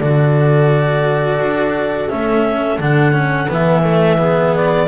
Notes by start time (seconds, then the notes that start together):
0.00 D3 F#4 A4 D5
1.39 D4
2.09 A3 C#4 E5
2.79 D3 D4 F#5
3.13 C#4
3.49 E3 B3 E5
3.83 A3
4.18 B3 G#4
4.56 D5